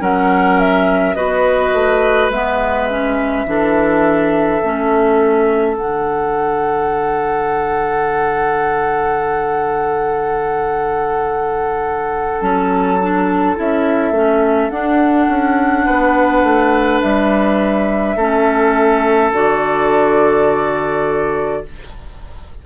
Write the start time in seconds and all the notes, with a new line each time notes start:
0.00 F#3 C#4 A#4 F#5
0.60 E5
1.15 B3 F#4 B4 D#5
1.74 A3
2.30 G#3 B3 E5
2.90 C#4
3.46 E3 D4 A4
4.63 A3 C#4
5.77 D3 D4 F#5
12.41 F#3 C#4 A5
13.02 D4
13.56 C#4 E4 E5
14.12 A3 C#4
14.70 D4 F#5
15.28 C#4
15.85 B3 B4
16.43 A3
17.01 G3 E5
18.16 A3 C#4 A4
19.32 D3 F#4 D5